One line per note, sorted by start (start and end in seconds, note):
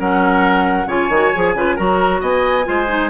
0.00 0.86 F#3
0.00 0.88 C#4
0.00 0.88 A#4
0.00 0.89 F#5
0.86 1.09 C#3
0.86 1.10 F4
0.86 1.54 C#5
0.86 1.77 G#5
1.09 1.32 D#3
1.09 1.35 F#4
1.35 1.55 F3
1.35 1.57 G#4
1.55 1.77 C#3
1.55 1.77 F4
1.55 1.76 B4
1.76 2.22 F#3
1.76 2.64 F#4
1.76 2.20 A#4
1.76 2.21 A#5
2.21 2.66 B3
2.21 2.65 D#5
2.21 3.11 G#5
2.64 3.11 G#3
2.64 2.87 F4
2.64 3.11 C5
2.88 3.10 D#4